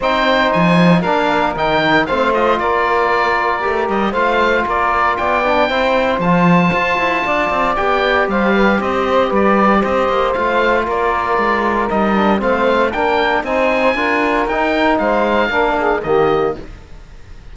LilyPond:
<<
  \new Staff \with { instrumentName = "oboe" } { \time 4/4 \tempo 4 = 116 g''4 gis''4 f''4 g''4 | f''8 dis''8 d''2~ d''8 dis''8 | f''4 d''4 g''2 | a''2. g''4 |
f''4 dis''4 d''4 dis''4 | f''4 d''2 dis''4 | f''4 g''4 gis''2 | g''4 f''2 dis''4 | }
  \new Staff \with { instrumentName = "saxophone" } { \time 4/4 c''2 ais'2 | c''4 ais'2. | c''4 ais'4 d''4 c''4~ | c''2 d''2 |
c''8 b'8 c''4 b'4 c''4~ | c''4 ais'2. | c''4 ais'4 c''4 ais'4~ | ais'4 c''4 ais'8 gis'8 g'4 | }
  \new Staff \with { instrumentName = "trombone" } { \time 4/4 dis'2 d'4 dis'4 | c'8 f'2~ f'8 g'4 | f'2~ f'8 d'8 e'4 | f'2. g'4~ |
g'1 | f'2. dis'8 d'8 | c'4 d'4 dis'4 f'4 | dis'2 d'4 ais4 | }
  \new Staff \with { instrumentName = "cello" } { \time 4/4 c'4 f4 ais4 dis4 | a4 ais2 a8 g8 | a4 ais4 b4 c'4 | f4 f'8 e'8 d'8 c'8 b4 |
g4 c'4 g4 c'8 ais8 | a4 ais4 gis4 g4 | a4 ais4 c'4 d'4 | dis'4 gis4 ais4 dis4 | }
>>